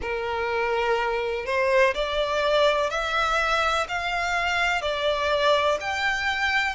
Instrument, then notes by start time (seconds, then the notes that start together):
violin
0.01 A#4
1.45 C5
1.94 D5
2.89 E5
3.88 F5
4.81 D5
5.80 G5